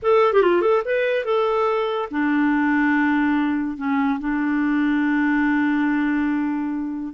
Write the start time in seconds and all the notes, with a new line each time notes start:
0.02 A4
0.33 G4
0.42 F4
0.61 A4
0.85 B4
1.24 A4
2.11 D4
3.77 C#4
4.19 D4